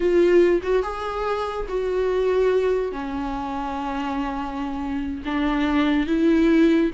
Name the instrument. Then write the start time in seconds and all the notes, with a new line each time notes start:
viola
0.00 F4
0.63 F#4
0.83 G#4
1.68 F#4
2.92 C#4
5.25 D4
6.06 E4